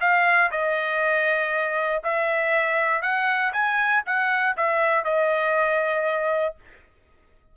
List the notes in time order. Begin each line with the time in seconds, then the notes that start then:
0.00 F5
0.51 D#5
2.03 E5
3.02 F#5
3.52 G#5
4.06 F#5
4.56 E5
5.04 D#5